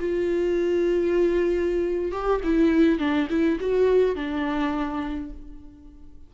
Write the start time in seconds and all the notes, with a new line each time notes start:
0.00 F4
2.12 G4
2.44 E4
2.99 D4
3.30 E4
3.61 F#4
4.16 D4